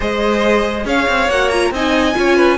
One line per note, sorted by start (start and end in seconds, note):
0.00 0.85 G#3
0.00 1.28 G#4
0.00 0.85 C5
0.00 0.87 D#5
0.85 1.06 C#4
0.85 1.72 C#5
0.85 1.30 F5
1.08 1.29 C4
1.29 1.70 A#3
1.29 1.51 F#4
1.29 1.49 F#5
1.49 1.73 F4
1.49 1.71 A#5
1.70 2.13 C4
1.70 2.14 D#4
1.70 2.16 D#5
1.70 2.57 G#5
2.14 2.57 C#4
2.14 2.57 F4
2.14 2.36 C#5
2.36 2.57 B4